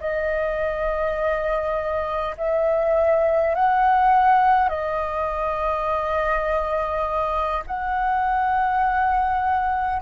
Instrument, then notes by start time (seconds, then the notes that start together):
flute
0.00 D#5
2.37 E5
3.55 F#5
4.68 D#5
7.66 F#5